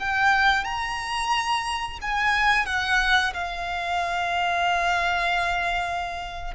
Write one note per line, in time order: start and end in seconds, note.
0.00 0.65 G5
0.65 1.99 A#5
2.02 2.66 G#5
2.66 3.34 F#5
3.34 6.55 F5